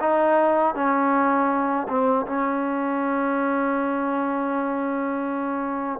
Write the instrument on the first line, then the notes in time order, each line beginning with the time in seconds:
trombone
0.00 D#4
0.75 C#4
1.89 C4
2.27 C#4